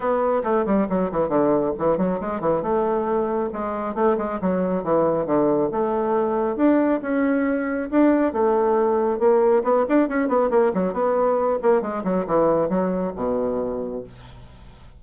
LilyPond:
\new Staff \with { instrumentName = "bassoon" } { \time 4/4 \tempo 4 = 137 b4 a8 g8 fis8 e8 d4 | e8 fis8 gis8 e8 a2 | gis4 a8 gis8 fis4 e4 | d4 a2 d'4 |
cis'2 d'4 a4~ | a4 ais4 b8 d'8 cis'8 b8 | ais8 fis8 b4. ais8 gis8 fis8 | e4 fis4 b,2 | }